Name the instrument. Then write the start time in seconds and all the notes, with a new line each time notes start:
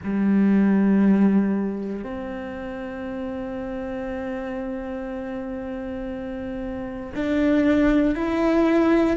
cello
0.03 G3
2.03 C4
7.15 D4
8.14 E4